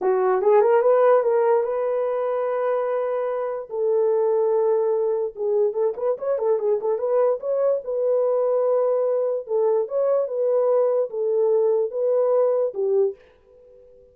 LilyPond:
\new Staff \with { instrumentName = "horn" } { \time 4/4 \tempo 4 = 146 fis'4 gis'8 ais'8 b'4 ais'4 | b'1~ | b'4 a'2.~ | a'4 gis'4 a'8 b'8 cis''8 a'8 |
gis'8 a'8 b'4 cis''4 b'4~ | b'2. a'4 | cis''4 b'2 a'4~ | a'4 b'2 g'4 | }